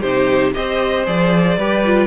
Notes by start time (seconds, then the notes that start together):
0.00 C3 D#4 G4 C5
0.53 C4 G4 C5 D#5
1.05 F3 G#4 D5
1.57 G3 G4 B4
1.85 F4